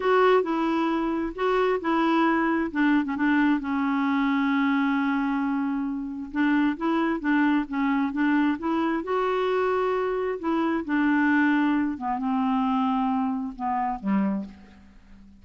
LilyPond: \new Staff \with { instrumentName = "clarinet" } { \time 4/4 \tempo 4 = 133 fis'4 e'2 fis'4 | e'2 d'8. cis'16 d'4 | cis'1~ | cis'2 d'4 e'4 |
d'4 cis'4 d'4 e'4 | fis'2. e'4 | d'2~ d'8 b8 c'4~ | c'2 b4 g4 | }